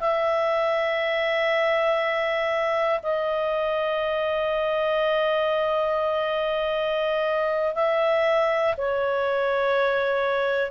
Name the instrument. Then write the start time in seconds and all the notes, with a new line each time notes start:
clarinet
0.00 E5
3.03 D#5
7.75 E5
8.77 C#5